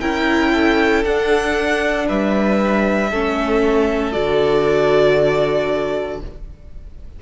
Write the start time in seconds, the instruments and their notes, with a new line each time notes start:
0.00 cello C#4, viola E4, violin A#4 G5
0.52 violin A4
1.04 cello D4, viola D4, violin F#5
2.07 cello G3, violin B4 E5
3.10 cello A3, viola C#4, violin A4
4.12 cello D3, viola F#4, violin D5